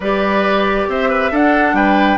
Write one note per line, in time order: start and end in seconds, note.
0.00 0.87 G3
0.00 1.33 G4
0.00 0.88 B4
0.00 0.91 D5
0.88 1.31 C4
0.88 1.09 C5
0.88 1.35 E5
1.09 1.31 B4
1.31 1.73 D4
1.31 2.18 D4
1.31 1.75 A4
1.31 1.75 F#5
1.73 2.17 G3
1.73 2.18 B4
1.73 2.18 G5